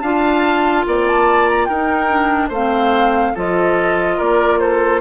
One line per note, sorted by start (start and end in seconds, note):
0.00 0.85 D4
0.00 1.70 F4
0.00 0.85 F5
0.00 0.83 A5
0.86 1.68 A#3
0.86 1.07 C4
0.86 1.68 D5
1.07 1.49 A5
1.49 1.65 A#5
1.65 2.50 D#4
1.65 2.48 A#4
1.65 2.48 G5
1.74 2.10 D#4
2.10 2.51 D4
2.48 3.33 A3
2.48 3.32 C5
2.48 3.37 F5
2.55 3.35 C4
3.34 4.19 F3
3.34 5.01 F4
3.34 4.17 A4
3.34 4.20 D#5
4.17 5.01 A#3
4.17 4.58 A#4
4.17 4.59 D5
4.59 5.01 A4
4.59 5.01 C5